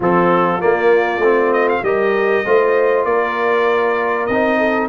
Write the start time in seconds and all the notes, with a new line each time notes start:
0.00 F3 C4 F4 A4
0.59 A#3 D5
1.18 A3 C4
1.53 D#5
1.68 F5
1.82 G3 G4 A#4 D#5
2.45 A3 F4 C5
3.04 A#3 A#4 D5
4.26 C4 D#4 D#5
4.58 A4